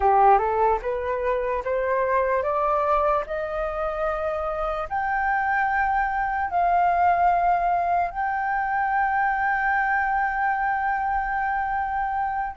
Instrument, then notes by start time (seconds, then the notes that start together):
flute
0.00 G4
0.38 A4
0.81 B4
1.64 C5
2.43 D5
3.26 D#5
4.89 G5
6.50 F5
8.10 G5